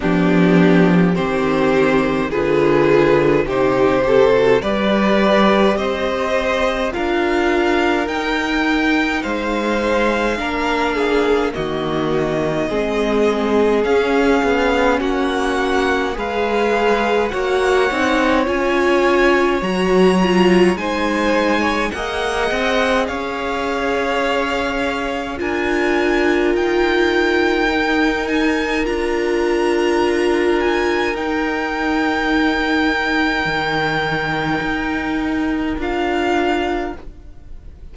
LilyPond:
<<
  \new Staff \with { instrumentName = "violin" } { \time 4/4 \tempo 4 = 52 g'4 c''4 b'4 c''4 | d''4 dis''4 f''4 g''4 | f''2 dis''2 | f''4 fis''4 f''4 fis''4 |
gis''4 ais''4 gis''4 fis''4 | f''2 gis''4 g''4~ | g''8 gis''8 ais''4. gis''8 g''4~ | g''2. f''4 | }
  \new Staff \with { instrumentName = "violin" } { \time 4/4 d'4 g'4 gis'4 g'8 a'8 | b'4 c''4 ais'2 | c''4 ais'8 gis'8 fis'4 gis'4~ | gis'4 fis'4 b'4 cis''4~ |
cis''2 c''8. cis''16 dis''4 | cis''2 ais'2~ | ais'1~ | ais'1 | }
  \new Staff \with { instrumentName = "viola" } { \time 4/4 b4 c'4 f'4 dis'8 g'16 fis'16 | g'2 f'4 dis'4~ | dis'4 d'4 ais4 c'4 | cis'2 gis'4 fis'8 dis'8 |
f'4 fis'8 f'8 dis'4 gis'4~ | gis'2 f'2 | dis'4 f'2 dis'4~ | dis'2. f'4 | }
  \new Staff \with { instrumentName = "cello" } { \time 4/4 f4 dis4 d4 c4 | g4 c'4 d'4 dis'4 | gis4 ais4 dis4 gis4 | cis'8 b8 ais4 gis4 ais8 c'8 |
cis'4 fis4 gis4 ais8 c'8 | cis'2 d'4 dis'4~ | dis'4 d'2 dis'4~ | dis'4 dis4 dis'4 d'4 | }
>>